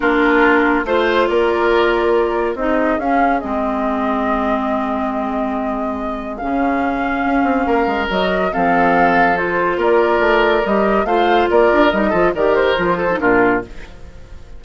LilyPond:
<<
  \new Staff \with { instrumentName = "flute" } { \time 4/4 \tempo 4 = 141 ais'2 c''4 d''4~ | d''2 dis''4 f''4 | dis''1~ | dis''2. f''4~ |
f''2. dis''4 | f''2 c''4 d''4~ | d''4 dis''4 f''4 d''4 | dis''4 d''8 c''4. ais'4 | }
  \new Staff \with { instrumentName = "oboe" } { \time 4/4 f'2 c''4 ais'4~ | ais'2 gis'2~ | gis'1~ | gis'1~ |
gis'2 ais'2 | a'2. ais'4~ | ais'2 c''4 ais'4~ | ais'8 a'8 ais'4. a'8 f'4 | }
  \new Staff \with { instrumentName = "clarinet" } { \time 4/4 d'2 f'2~ | f'2 dis'4 cis'4 | c'1~ | c'2. cis'4~ |
cis'2. fis'4 | c'2 f'2~ | f'4 g'4 f'2 | dis'8 f'8 g'4 f'8. dis'16 d'4 | }
  \new Staff \with { instrumentName = "bassoon" } { \time 4/4 ais2 a4 ais4~ | ais2 c'4 cis'4 | gis1~ | gis2. cis4~ |
cis4 cis'8 c'8 ais8 gis8 fis4 | f2. ais4 | a4 g4 a4 ais8 d'8 | g8 f8 dis4 f4 ais,4 | }
>>